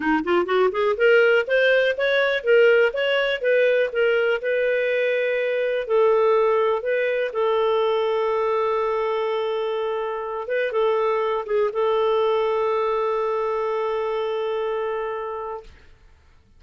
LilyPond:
\new Staff \with { instrumentName = "clarinet" } { \time 4/4 \tempo 4 = 123 dis'8 f'8 fis'8 gis'8 ais'4 c''4 | cis''4 ais'4 cis''4 b'4 | ais'4 b'2. | a'2 b'4 a'4~ |
a'1~ | a'4. b'8 a'4. gis'8 | a'1~ | a'1 | }